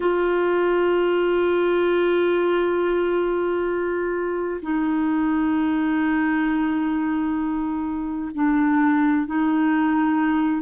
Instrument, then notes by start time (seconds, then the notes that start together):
clarinet
0.00 F4
4.62 D#4
8.34 D4
9.26 D#4